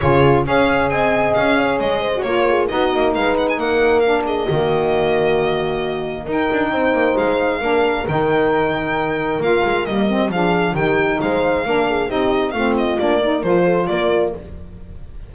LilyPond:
<<
  \new Staff \with { instrumentName = "violin" } { \time 4/4 \tempo 4 = 134 cis''4 f''4 gis''4 f''4 | dis''4 cis''4 dis''4 f''8 fis''16 gis''16 | fis''4 f''8 dis''2~ dis''8~ | dis''2 g''2 |
f''2 g''2~ | g''4 f''4 dis''4 f''4 | g''4 f''2 dis''4 | f''8 dis''8 d''4 c''4 d''4 | }
  \new Staff \with { instrumentName = "horn" } { \time 4/4 gis'4 cis''4 dis''4. cis''8~ | cis''8 c''8 ais'8 gis'8 fis'4 b'4 | ais'4. gis'8 fis'2~ | fis'2 ais'4 c''4~ |
c''4 ais'2.~ | ais'2. gis'4 | g'4 c''4 ais'8 gis'8 g'4 | f'4. ais'4 a'8 ais'4 | }
  \new Staff \with { instrumentName = "saxophone" } { \time 4/4 f'4 gis'2.~ | gis'8. fis'16 f'4 dis'2~ | dis'4 d'4 ais2~ | ais2 dis'2~ |
dis'4 d'4 dis'2~ | dis'4 f'4 ais8 c'8 d'4 | dis'2 d'4 dis'4 | c'4 d'8 dis'8 f'2 | }
  \new Staff \with { instrumentName = "double bass" } { \time 4/4 cis4 cis'4 c'4 cis'4 | gis4 ais4 b8 ais8 gis4 | ais2 dis2~ | dis2 dis'8 d'8 c'8 ais8 |
gis4 ais4 dis2~ | dis4 ais8 gis8 g4 f4 | dis4 gis4 ais4 c'4 | a4 ais4 f4 ais4 | }
>>